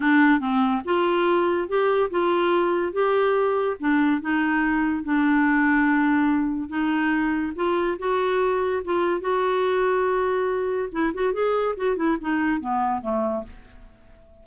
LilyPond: \new Staff \with { instrumentName = "clarinet" } { \time 4/4 \tempo 4 = 143 d'4 c'4 f'2 | g'4 f'2 g'4~ | g'4 d'4 dis'2 | d'1 |
dis'2 f'4 fis'4~ | fis'4 f'4 fis'2~ | fis'2 e'8 fis'8 gis'4 | fis'8 e'8 dis'4 b4 a4 | }